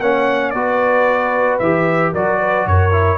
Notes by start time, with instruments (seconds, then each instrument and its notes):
0.00 tuba A#3, trombone C#4, horn C#5, trumpet F#5
0.50 tuba B3, trombone F#4, horn B4, trumpet D5
1.59 tuba E3, trombone G4, trumpet E5
2.12 tuba F#3, trombone F#4, horn A#4, trumpet D5
2.40 horn B4
2.66 tuba F#2, horn A#4, trumpet C#5
2.92 trombone E4